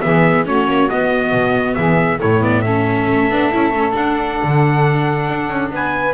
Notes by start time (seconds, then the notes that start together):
0.00 E3 B3 G#4 E5
0.45 A3 C#4 F#4 C#5
0.67 A#3
0.89 B3 D#5
1.32 B2
1.75 E3 G#4 E5
2.17 A2 A3 E4 C#5
2.41 B3 D5
2.61 C#4 A4 E5
3.08 A3
3.30 B3 D4
3.52 C#4 E4
3.70 A3 C#4
3.91 D4 F#5
3.97 D4
4.43 D3
5.29 D4
5.49 C#4
5.71 B3 B4 G#5